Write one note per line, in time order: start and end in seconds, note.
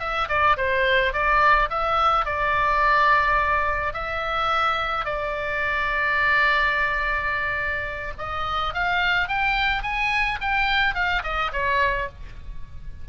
0.00 0.28 E5
0.29 0.57 D5
0.57 1.13 C5
1.13 1.69 D5
1.70 2.26 E5
2.26 3.94 D5
3.94 5.05 E5
5.05 8.14 D5
8.18 8.74 D#5
8.74 9.28 F5
9.28 9.83 G5
9.83 10.39 G#5
10.41 10.95 G5
10.95 11.23 F5
11.23 11.51 D#5
11.53 12.09 C#5